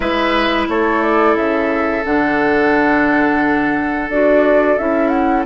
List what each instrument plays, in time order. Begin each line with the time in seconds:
0.00 bassoon G#3, clarinet E4, oboe B4, flute E5
0.68 bassoon A3, oboe A4, flute C#5
1.02 flute D5
1.35 bassoon C#3, flute E5
2.04 bassoon D3, clarinet D4, flute F#5
4.09 bassoon D4, clarinet F#4, flute D5
4.78 bassoon C#4, clarinet E4, flute E5
5.09 flute F#5